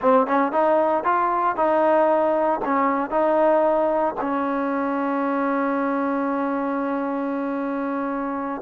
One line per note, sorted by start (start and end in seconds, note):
0.01 0.26 C4
0.26 0.51 C#4
0.51 1.04 D#4
1.04 1.56 F4
1.56 2.60 D#4
2.64 3.10 C#4
3.10 4.15 D#4
4.20 8.61 C#4